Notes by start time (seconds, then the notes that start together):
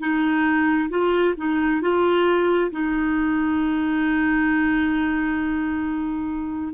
0.00 D#4
0.90 F4
1.38 D#4
1.82 F4
2.72 D#4